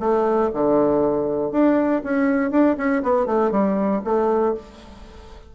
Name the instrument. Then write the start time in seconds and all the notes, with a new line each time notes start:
bassoon
0.00 A3
0.53 D3
1.51 D4
2.03 C#4
2.51 D4
2.77 C#4
3.03 B3
3.26 A3
3.51 G3
4.05 A3